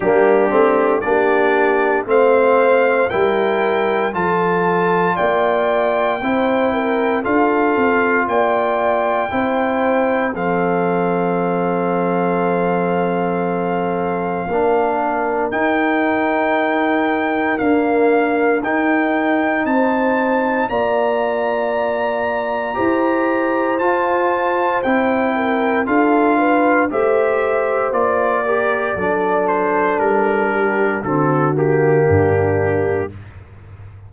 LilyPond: <<
  \new Staff \with { instrumentName = "trumpet" } { \time 4/4 \tempo 4 = 58 g'4 d''4 f''4 g''4 | a''4 g''2 f''4 | g''2 f''2~ | f''2. g''4~ |
g''4 f''4 g''4 a''4 | ais''2. a''4 | g''4 f''4 e''4 d''4~ | d''8 c''8 ais'4 a'8 g'4. | }
  \new Staff \with { instrumentName = "horn" } { \time 4/4 d'4 g'4 c''4 ais'4 | a'4 d''4 c''8 ais'8 a'4 | d''4 c''4 a'2~ | a'2 ais'2~ |
ais'2. c''4 | d''2 c''2~ | c''8 ais'8 a'8 b'8 c''4. ais'8 | a'4. g'8 fis'4 d'4 | }
  \new Staff \with { instrumentName = "trombone" } { \time 4/4 ais8 c'8 d'4 c'4 e'4 | f'2 e'4 f'4~ | f'4 e'4 c'2~ | c'2 d'4 dis'4~ |
dis'4 ais4 dis'2 | f'2 g'4 f'4 | e'4 f'4 g'4 f'8 g'8 | d'2 c'8 ais4. | }
  \new Staff \with { instrumentName = "tuba" } { \time 4/4 g8 a8 ais4 a4 g4 | f4 ais4 c'4 d'8 c'8 | ais4 c'4 f2~ | f2 ais4 dis'4~ |
dis'4 d'4 dis'4 c'4 | ais2 e'4 f'4 | c'4 d'4 a4 ais4 | fis4 g4 d4 g,4 | }
>>